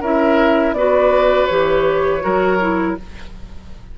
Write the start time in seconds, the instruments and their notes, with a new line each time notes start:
0.00 bassoon C#4, clarinet E4, oboe A#4, flute E5
0.72 bassoon B3, clarinet F#4, oboe B4, flute D5
1.46 bassoon E3, clarinet G4, flute C#5
2.20 bassoon F#3, clarinet F#4, oboe A#4
2.60 clarinet E4